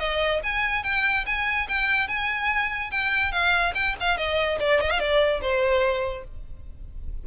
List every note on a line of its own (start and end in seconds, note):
0.00 0.41 D#5
0.44 0.84 G#5
0.84 1.25 G5
1.27 1.68 G#5
1.69 2.08 G5
2.08 2.91 G#5
2.92 3.32 G5
3.32 3.74 F5
3.75 3.96 G5
4.01 4.18 F5
4.18 4.59 D#5
4.60 4.81 D5
4.81 4.91 D#5
4.91 5.00 F5
5.00 5.41 D5
5.42 6.24 C5